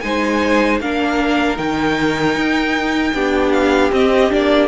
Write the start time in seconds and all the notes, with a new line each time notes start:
0.00 G#3 D#4 C5 G#5
0.80 A#3 D4 A#4 F5
1.57 D#3 D#4 G5
2.36 D#4
3.14 B3 D4 G4
3.52 F5
3.91 C4 D#5
4.30 A#3 D4 D5